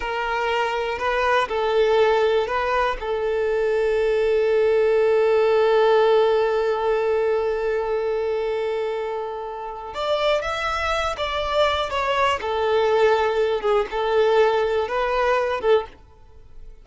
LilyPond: \new Staff \with { instrumentName = "violin" } { \time 4/4 \tempo 4 = 121 ais'2 b'4 a'4~ | a'4 b'4 a'2~ | a'1~ | a'1~ |
a'1 | d''4 e''4. d''4. | cis''4 a'2~ a'8 gis'8 | a'2 b'4. a'8 | }